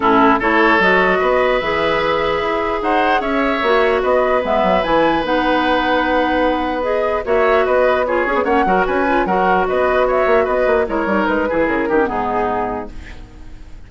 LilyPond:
<<
  \new Staff \with { instrumentName = "flute" } { \time 4/4 \tempo 4 = 149 a'4 cis''4 dis''2 | e''2. fis''4 | e''2 dis''4 e''4 | gis''4 fis''2.~ |
fis''4 dis''4 e''4 dis''4 | cis''4 fis''4 gis''4 fis''4 | dis''4 e''4 dis''4 cis''4 | b'4 ais'4 gis'2 | }
  \new Staff \with { instrumentName = "oboe" } { \time 4/4 e'4 a'2 b'4~ | b'2. c''4 | cis''2 b'2~ | b'1~ |
b'2 cis''4 b'4 | gis'4 cis''8 ais'8 b'4 ais'4 | b'4 cis''4 b'4 ais'4~ | ais'8 gis'4 g'8 dis'2 | }
  \new Staff \with { instrumentName = "clarinet" } { \time 4/4 cis'4 e'4 fis'2 | gis'1~ | gis'4 fis'2 b4 | e'4 dis'2.~ |
dis'4 gis'4 fis'2 | f'8 gis'8 cis'8 fis'4 f'8 fis'4~ | fis'2. e'8 dis'8~ | dis'8 e'4 dis'16 cis'16 b2 | }
  \new Staff \with { instrumentName = "bassoon" } { \time 4/4 a,4 a4 fis4 b4 | e2 e'4 dis'4 | cis'4 ais4 b4 gis8 fis8 | e4 b2.~ |
b2 ais4 b4~ | b8 cis'16 b16 ais8 fis8 cis'4 fis4 | b4. ais8 b8 ais8 gis8 g8 | gis8 e8 cis8 dis8 gis,2 | }
>>